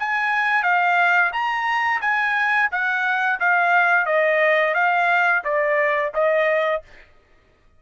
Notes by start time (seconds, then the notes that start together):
0.00 G#5
0.64 F5
1.33 A#5
2.01 G#5
2.72 F#5
3.40 F5
4.06 D#5
4.75 F5
5.45 D5
6.15 D#5